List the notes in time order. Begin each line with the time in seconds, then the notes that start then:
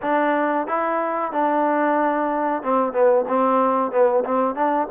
0.01 D4
0.67 E4
1.32 D4
2.62 C4
2.92 B3
3.28 C4
3.91 B3
4.24 C4
4.55 D4